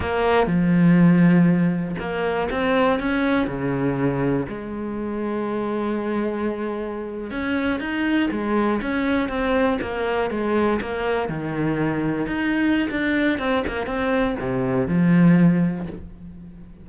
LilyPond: \new Staff \with { instrumentName = "cello" } { \time 4/4 \tempo 4 = 121 ais4 f2. | ais4 c'4 cis'4 cis4~ | cis4 gis2.~ | gis2~ gis8. cis'4 dis'16~ |
dis'8. gis4 cis'4 c'4 ais16~ | ais8. gis4 ais4 dis4~ dis16~ | dis8. dis'4~ dis'16 d'4 c'8 ais8 | c'4 c4 f2 | }